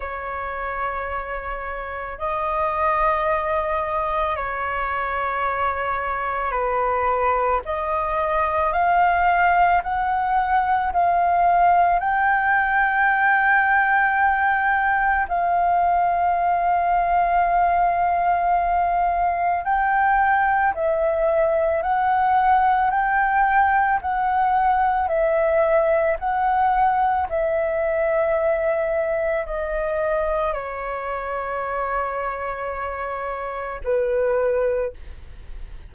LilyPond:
\new Staff \with { instrumentName = "flute" } { \time 4/4 \tempo 4 = 55 cis''2 dis''2 | cis''2 b'4 dis''4 | f''4 fis''4 f''4 g''4~ | g''2 f''2~ |
f''2 g''4 e''4 | fis''4 g''4 fis''4 e''4 | fis''4 e''2 dis''4 | cis''2. b'4 | }